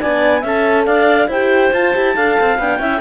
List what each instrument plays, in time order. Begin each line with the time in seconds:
0.00 cello B3, horn D4, clarinet D5 G#5
0.41 cello C#4, horn A4, clarinet E5 A5
0.85 cello D4, clarinet D5 F5
1.27 cello E4, horn G4, clarinet C5 G5
1.73 cello F4, horn F4, clarinet A5
1.94 cello E4, horn G4
2.15 cello D4, horn A4, clarinet F5
2.40 cello C4
2.58 cello B3, horn D4, clarinet G5
2.79 cello C#4, horn E4, clarinet E5